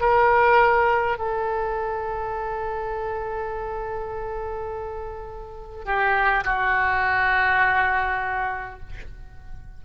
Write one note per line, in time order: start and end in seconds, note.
0.00 1.18 A#4
1.18 5.84 A4
5.84 6.43 G4
6.44 8.80 F#4